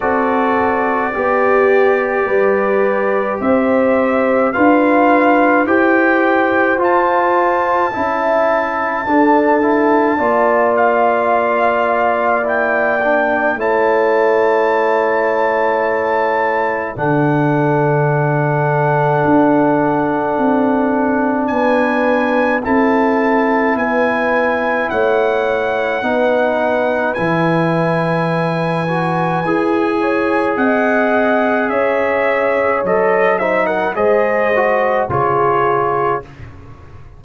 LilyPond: <<
  \new Staff \with { instrumentName = "trumpet" } { \time 4/4 \tempo 4 = 53 d''2. e''4 | f''4 g''4 a''2~ | a''4. f''4. g''4 | a''2. fis''4~ |
fis''2. gis''4 | a''4 gis''4 fis''2 | gis''2. fis''4 | e''4 dis''8 e''16 fis''16 dis''4 cis''4 | }
  \new Staff \with { instrumentName = "horn" } { \time 4/4 a'4 g'4 b'4 c''4 | b'4 c''2 e''4 | a'4 d''2. | cis''2. a'4~ |
a'2. b'4 | a'4 b'4 cis''4 b'4~ | b'2~ b'8 cis''8 dis''4 | cis''4. c''16 ais'16 c''4 gis'4 | }
  \new Staff \with { instrumentName = "trombone" } { \time 4/4 fis'4 g'2. | f'4 g'4 f'4 e'4 | d'8 e'8 f'2 e'8 d'8 | e'2. d'4~ |
d'1 | e'2. dis'4 | e'4. fis'8 gis'2~ | gis'4 a'8 dis'8 gis'8 fis'8 f'4 | }
  \new Staff \with { instrumentName = "tuba" } { \time 4/4 c'4 b4 g4 c'4 | d'4 e'4 f'4 cis'4 | d'4 ais2. | a2. d4~ |
d4 d'4 c'4 b4 | c'4 b4 a4 b4 | e2 e'4 c'4 | cis'4 fis4 gis4 cis4 | }
>>